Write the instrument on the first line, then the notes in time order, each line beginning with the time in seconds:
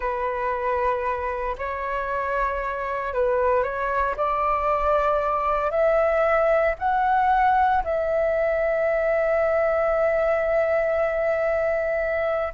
flute
0.00 B4
1.58 C#5
3.13 B4
3.63 C#5
4.16 D5
5.70 E5
6.78 F#5
7.84 E5